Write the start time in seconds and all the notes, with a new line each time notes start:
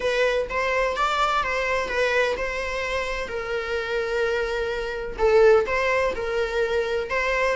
0.00 B4
0.49 C5
0.96 D5
1.43 C5
1.88 B4
2.37 C5
3.27 A#4
5.18 A4
5.66 C5
6.15 A#4
7.10 C5